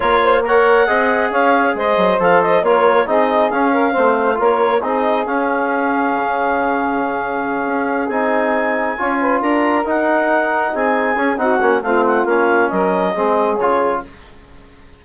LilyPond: <<
  \new Staff \with { instrumentName = "clarinet" } { \time 4/4 \tempo 4 = 137 cis''4 fis''2 f''4 | dis''4 f''8 dis''8 cis''4 dis''4 | f''2 cis''4 dis''4 | f''1~ |
f''2~ f''8 gis''4.~ | gis''4. ais''4 fis''4.~ | fis''8 gis''4. fis''4 f''8 fis''8 | f''4 dis''2 cis''4 | }
  \new Staff \with { instrumentName = "saxophone" } { \time 4/4 ais'8 c''8 cis''4 dis''4 cis''4 | c''2 ais'4 gis'4~ | gis'8 ais'8 c''4 ais'4 gis'4~ | gis'1~ |
gis'1~ | gis'8 cis''8 b'8 ais'2~ ais'8~ | ais'8 gis'4. fis'4 f'4~ | f'4 ais'4 gis'2 | }
  \new Staff \with { instrumentName = "trombone" } { \time 4/4 f'4 ais'4 gis'2~ | gis'4 a'4 f'4 dis'4 | cis'4 c'4 f'4 dis'4 | cis'1~ |
cis'2~ cis'8 dis'4.~ | dis'8 f'2 dis'4.~ | dis'4. cis'8 dis'8 cis'8 c'4 | cis'2 c'4 f'4 | }
  \new Staff \with { instrumentName = "bassoon" } { \time 4/4 ais2 c'4 cis'4 | gis8 fis8 f4 ais4 c'4 | cis'4 a4 ais4 c'4 | cis'2 cis2~ |
cis4. cis'4 c'4.~ | c'8 cis'4 d'4 dis'4.~ | dis'8 c'4 cis'8 c'8 ais8 a4 | ais4 fis4 gis4 cis4 | }
>>